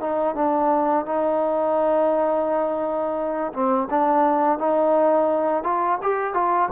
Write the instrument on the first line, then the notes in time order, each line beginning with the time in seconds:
trombone
0.00 D#4
0.35 D4
1.05 D#4
3.53 C4
3.90 D4
4.59 D#4
5.63 F4
6.02 G4
6.33 F4